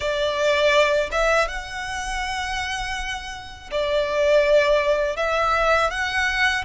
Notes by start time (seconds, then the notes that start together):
0.00 D5
1.11 E5
1.48 F#5
3.71 D5
5.16 E5
5.90 F#5